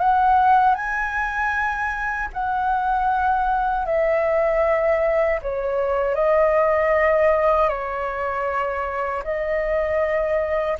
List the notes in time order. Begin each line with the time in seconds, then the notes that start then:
0.00 F#5
0.76 G#5
2.34 F#5
3.86 E5
5.42 C#5
6.15 D#5
7.70 C#5
9.24 D#5